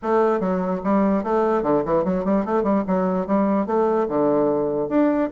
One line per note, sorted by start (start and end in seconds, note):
0.02 0.40 A3
0.40 0.81 F#3
0.84 1.23 G3
1.23 1.63 A3
1.63 1.83 D3
1.85 2.04 E3
2.04 2.24 F#3
2.24 2.45 G3
2.45 2.63 A3
2.63 2.83 G3
2.87 3.26 F#3
3.26 3.66 G3
3.66 4.07 A3
4.08 4.88 D3
4.88 5.29 D4